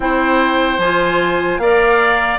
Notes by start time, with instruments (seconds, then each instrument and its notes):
0.00 bassoon C4, clarinet E4, oboe C5, flute G5
0.78 bassoon F3, clarinet F4, flute G#5
1.58 bassoon A#3, clarinet A#4, oboe D5, flute F5